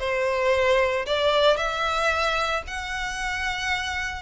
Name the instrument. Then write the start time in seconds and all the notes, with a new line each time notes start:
violin
0.00 C5
1.06 D5
1.57 E5
2.68 F#5